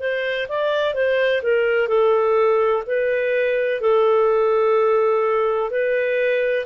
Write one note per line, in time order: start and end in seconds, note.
0.00 0.48 C5
0.49 0.94 D5
0.94 1.42 C5
1.42 1.88 A#4
1.88 2.84 A4
2.87 3.81 B4
3.81 5.71 A4
5.71 6.66 B4